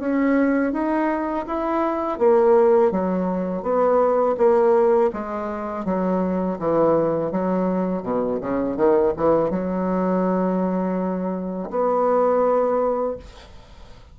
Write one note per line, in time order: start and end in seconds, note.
0.00 0.73 C#4
0.73 1.46 D#4
1.47 2.19 E4
2.19 2.92 A#3
2.92 3.63 F#3
3.63 4.36 B3
4.38 5.11 A#3
5.14 5.85 G#3
5.85 6.59 F#3
6.60 7.32 E3
7.32 8.03 F#3
8.03 8.40 B2
8.41 8.77 C#3
8.77 9.14 D#3
9.17 9.51 E3
9.51 11.70 F#3
11.71 13.17 B3